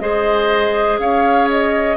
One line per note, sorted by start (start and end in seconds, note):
0.00 0.99 G#3
0.00 1.97 G#4
0.00 1.01 C5
0.00 0.98 D#5
0.99 1.97 C#4
0.99 1.98 C#5
0.99 1.49 F5
1.50 1.98 D#5